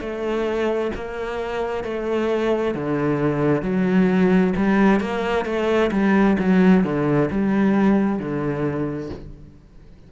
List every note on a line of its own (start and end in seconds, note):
0.00 0.91 A3
0.95 1.83 A#3
1.83 2.74 A3
2.74 3.62 D3
3.62 4.53 F#3
4.56 5.00 G3
5.00 5.45 A#3
5.45 5.90 A3
5.91 6.37 G3
6.39 6.83 F#3
6.83 7.29 D3
7.31 8.19 G3
8.19 9.10 D3